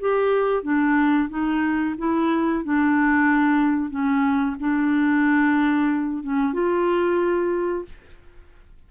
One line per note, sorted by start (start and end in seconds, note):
0.00 0.63 G4
0.63 1.29 D4
1.29 1.95 D#4
1.98 2.64 E4
2.64 3.90 D4
3.90 4.56 C#4
4.60 6.23 D4
6.23 6.53 C#4
6.53 7.85 F4